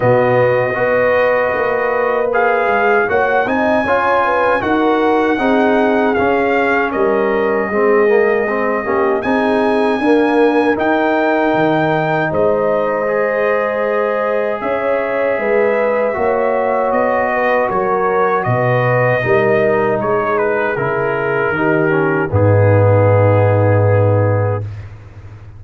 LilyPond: <<
  \new Staff \with { instrumentName = "trumpet" } { \time 4/4 \tempo 4 = 78 dis''2. f''4 | fis''8 gis''4. fis''2 | f''4 dis''2. | gis''2 g''2 |
dis''2. e''4~ | e''2 dis''4 cis''4 | dis''2 cis''8 b'8 ais'4~ | ais'4 gis'2. | }
  \new Staff \with { instrumentName = "horn" } { \time 4/4 fis'4 b'2. | cis''8 dis''8 cis''8 b'8 ais'4 gis'4~ | gis'4 ais'4 gis'4. g'8 | gis'4 ais'2. |
c''2. cis''4 | b'4 cis''4. b'8 ais'4 | b'4 ais'4 gis'2 | g'4 dis'2. | }
  \new Staff \with { instrumentName = "trombone" } { \time 4/4 b4 fis'2 gis'4 | fis'8 dis'8 f'4 fis'4 dis'4 | cis'2 c'8 ais8 c'8 cis'8 | dis'4 ais4 dis'2~ |
dis'4 gis'2.~ | gis'4 fis'2.~ | fis'4 dis'2 e'4 | dis'8 cis'8 b2. | }
  \new Staff \with { instrumentName = "tuba" } { \time 4/4 b,4 b4 ais4. gis8 | ais8 c'8 cis'4 dis'4 c'4 | cis'4 g4 gis4. ais8 | c'4 d'4 dis'4 dis4 |
gis2. cis'4 | gis4 ais4 b4 fis4 | b,4 g4 gis4 cis4 | dis4 gis,2. | }
>>